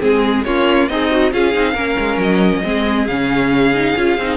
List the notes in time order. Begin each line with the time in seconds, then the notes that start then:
0.00 G#3 C4 G#4
0.45 A#3 C#4 F4 C#5
0.89 C4 D#4 G#4 D#5
1.11 F#4
1.32 C#4 F4 G#4 F5
1.54 C4 D#4
1.74 A#3 C#4 A#4
1.99 G#3
2.18 F#3 D#5
2.64 G#3 C4 G#4
3.07 C#3 C#4 F5
3.75 D#4
3.97 C#4 F4
4.18 C4 D#4